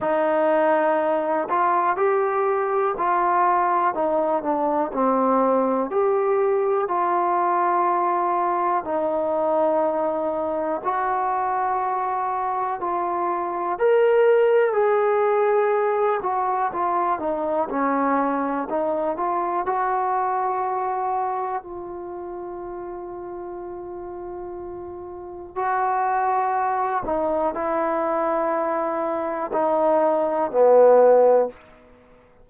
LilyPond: \new Staff \with { instrumentName = "trombone" } { \time 4/4 \tempo 4 = 61 dis'4. f'8 g'4 f'4 | dis'8 d'8 c'4 g'4 f'4~ | f'4 dis'2 fis'4~ | fis'4 f'4 ais'4 gis'4~ |
gis'8 fis'8 f'8 dis'8 cis'4 dis'8 f'8 | fis'2 f'2~ | f'2 fis'4. dis'8 | e'2 dis'4 b4 | }